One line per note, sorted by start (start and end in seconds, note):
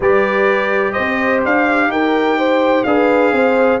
0.00 0.93 G3
0.00 2.86 G4
0.00 0.92 B4
0.00 0.92 D5
0.92 1.44 C4
0.92 1.88 C5
0.92 1.40 D#5
1.44 1.88 D4
1.44 1.91 F5
1.88 2.83 D#4
1.88 2.38 A#4
1.88 2.83 G5
2.38 2.85 C5
2.83 3.32 D4
2.83 3.80 G#4
2.83 3.34 B4
2.83 3.79 F5
3.32 3.79 C4
3.32 3.80 C5